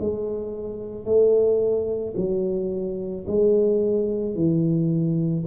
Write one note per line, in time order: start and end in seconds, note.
0.00 1.05 G#3
1.05 2.14 A3
2.17 3.26 F#3
3.27 4.35 G#3
4.35 5.44 E3